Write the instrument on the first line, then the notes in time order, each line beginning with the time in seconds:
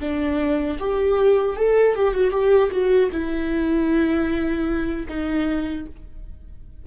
viola
0.00 D4
0.79 G4
1.57 A4
1.96 G4
2.14 F#4
2.31 G4
2.71 F#4
3.12 E4
5.08 D#4